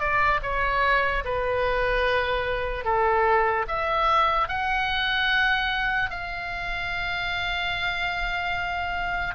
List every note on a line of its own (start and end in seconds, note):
0.00 0.41 D5
0.43 1.24 C#5
1.25 2.85 B4
2.85 3.66 A4
3.68 4.49 E5
4.49 6.11 F#5
6.11 9.35 F5